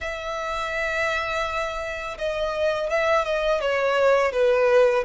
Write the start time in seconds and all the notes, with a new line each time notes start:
0.00 E5
2.18 D#5
2.89 E5
3.25 D#5
3.60 C#5
4.32 B4